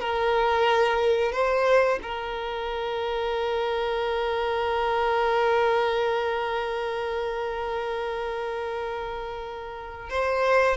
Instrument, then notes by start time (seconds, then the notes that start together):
violin
0.00 A#4
1.32 C5
2.03 A#4
10.09 C5